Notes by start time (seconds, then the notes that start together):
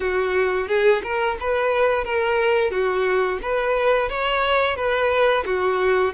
0.00 F#4
0.68 G#4
1.03 A#4
1.40 B4
2.04 A#4
2.71 F#4
3.42 B4
4.09 C#5
4.75 B4
5.45 F#4